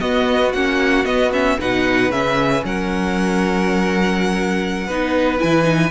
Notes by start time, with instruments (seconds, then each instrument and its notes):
0.00 viola B3, cello B3, violin F#4 D#5
0.53 cello A#3, viola C#4, violin F#5
1.05 viola B3, cello B3, violin D#5
1.33 viola C#4, violin E5
1.60 cello B2, viola D#4, violin B4 F#5
2.10 cello C#3, viola C#4, violin E5
2.65 cello F#3, violin A#4 F#5
4.88 cello B3, viola D#4, violin B4
5.39 cello E3, viola E4, violin G#5
5.63 viola D#4